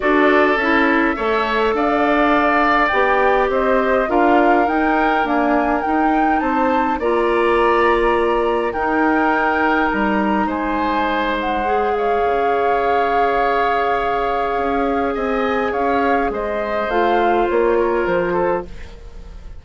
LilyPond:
<<
  \new Staff \with { instrumentName = "flute" } { \time 4/4 \tempo 4 = 103 d''4 e''2 f''4~ | f''4 g''4 dis''4 f''4 | g''4 gis''4 g''4 a''4 | ais''2. g''4~ |
g''4 ais''4 gis''4. fis''8~ | fis''8 f''2.~ f''8~ | f''2 gis''4 f''4 | dis''4 f''4 cis''4 c''4 | }
  \new Staff \with { instrumentName = "oboe" } { \time 4/4 a'2 cis''4 d''4~ | d''2 c''4 ais'4~ | ais'2. c''4 | d''2. ais'4~ |
ais'2 c''2~ | c''8 cis''2.~ cis''8~ | cis''2 dis''4 cis''4 | c''2~ c''8 ais'4 a'8 | }
  \new Staff \with { instrumentName = "clarinet" } { \time 4/4 fis'4 e'4 a'2~ | a'4 g'2 f'4 | dis'4 ais4 dis'2 | f'2. dis'4~ |
dis'1 | gis'1~ | gis'1~ | gis'4 f'2. | }
  \new Staff \with { instrumentName = "bassoon" } { \time 4/4 d'4 cis'4 a4 d'4~ | d'4 b4 c'4 d'4 | dis'4 d'4 dis'4 c'4 | ais2. dis'4~ |
dis'4 g4 gis2~ | gis4 cis2.~ | cis4 cis'4 c'4 cis'4 | gis4 a4 ais4 f4 | }
>>